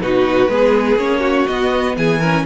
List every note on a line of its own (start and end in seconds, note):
0.00 0.48 B2
0.00 0.48 D#4
0.00 0.51 F#4
0.00 0.98 B4
0.48 0.96 G#3
0.48 0.98 B3
0.48 1.20 G#4
0.96 1.45 A#3
0.96 1.47 C#4
0.96 1.47 C#5
1.20 1.94 F#4
1.47 2.22 B3
1.47 1.97 B3
1.47 1.96 D#5
1.97 2.46 E3
1.97 2.19 G#4
1.97 2.46 G#5
2.19 2.46 C#4
2.19 2.44 A#4